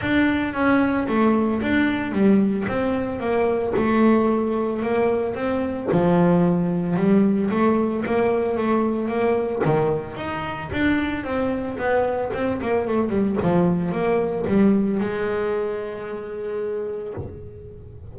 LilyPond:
\new Staff \with { instrumentName = "double bass" } { \time 4/4 \tempo 4 = 112 d'4 cis'4 a4 d'4 | g4 c'4 ais4 a4~ | a4 ais4 c'4 f4~ | f4 g4 a4 ais4 |
a4 ais4 dis4 dis'4 | d'4 c'4 b4 c'8 ais8 | a8 g8 f4 ais4 g4 | gis1 | }